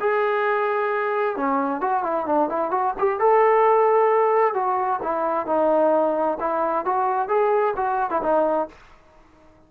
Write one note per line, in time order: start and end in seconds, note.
0.00 1.36 G#4
1.36 1.81 C#4
1.81 2.03 F#4
2.03 2.26 E4
2.26 2.49 D4
2.49 2.71 E4
2.71 2.94 F#4
2.98 3.20 G4
3.20 4.54 A4
4.54 5.00 F#4
5.02 5.46 E4
5.46 6.38 D#4
6.40 6.85 E4
6.85 7.28 F#4
7.28 7.74 G#4
7.76 8.10 F#4
8.10 8.22 E4
8.22 8.68 D#4